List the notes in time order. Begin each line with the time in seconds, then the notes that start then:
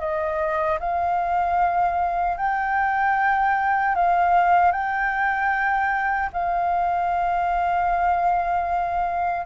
0.00 D#5
0.80 F5
2.38 G5
3.95 F5
4.72 G5
6.33 F5